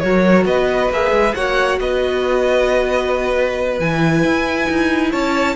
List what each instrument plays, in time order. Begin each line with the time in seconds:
0.00 cello F#3, viola F#4, violin A#4 C#5
0.46 cello B3, violin B4 D#5
0.90 cello A#3, viola G#4, violin E5
1.12 cello G#3
1.35 cello A#3, viola F#4, violin C#5 F#5
1.80 cello B3, violin B4 D#5
3.80 cello E3, viola E4, violin G#5
4.24 cello E4
4.70 cello D#4
5.11 cello C#4, violin C#5 A5